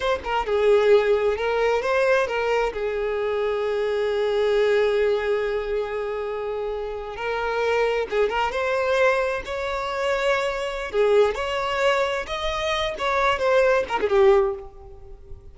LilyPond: \new Staff \with { instrumentName = "violin" } { \time 4/4 \tempo 4 = 132 c''8 ais'8 gis'2 ais'4 | c''4 ais'4 gis'2~ | gis'1~ | gis'2.~ gis'8. ais'16~ |
ais'4.~ ais'16 gis'8 ais'8 c''4~ c''16~ | c''8. cis''2.~ cis''16 | gis'4 cis''2 dis''4~ | dis''8 cis''4 c''4 ais'16 gis'16 g'4 | }